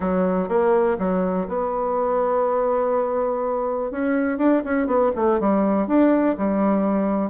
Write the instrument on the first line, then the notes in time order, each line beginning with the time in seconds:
bassoon
0.00 F#3
0.48 A#3
0.98 F#3
1.48 B3
3.91 C#4
4.38 D4
4.64 C#4
4.86 B3
5.15 A3
5.40 G3
5.87 D4
6.37 G3